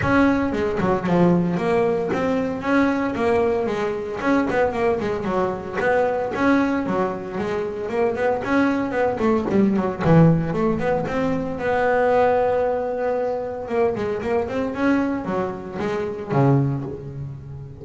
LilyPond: \new Staff \with { instrumentName = "double bass" } { \time 4/4 \tempo 4 = 114 cis'4 gis8 fis8 f4 ais4 | c'4 cis'4 ais4 gis4 | cis'8 b8 ais8 gis8 fis4 b4 | cis'4 fis4 gis4 ais8 b8 |
cis'4 b8 a8 g8 fis8 e4 | a8 b8 c'4 b2~ | b2 ais8 gis8 ais8 c'8 | cis'4 fis4 gis4 cis4 | }